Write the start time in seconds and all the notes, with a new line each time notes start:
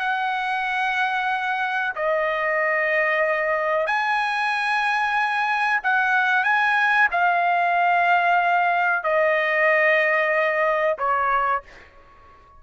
0.00 F#5
1.96 D#5
3.87 G#5
5.84 F#5
6.44 G#5
7.12 F5
9.04 D#5
10.99 C#5